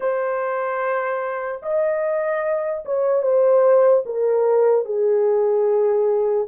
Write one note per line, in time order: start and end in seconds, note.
0.00 1.61 C5
1.62 2.84 D#5
2.85 3.22 C#5
3.22 4.03 C5
4.05 4.85 A#4
4.85 6.47 G#4